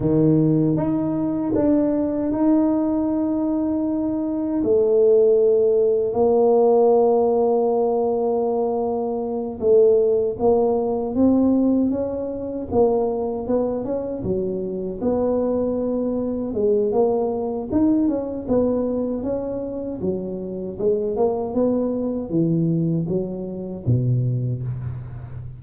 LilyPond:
\new Staff \with { instrumentName = "tuba" } { \time 4/4 \tempo 4 = 78 dis4 dis'4 d'4 dis'4~ | dis'2 a2 | ais1~ | ais8 a4 ais4 c'4 cis'8~ |
cis'8 ais4 b8 cis'8 fis4 b8~ | b4. gis8 ais4 dis'8 cis'8 | b4 cis'4 fis4 gis8 ais8 | b4 e4 fis4 b,4 | }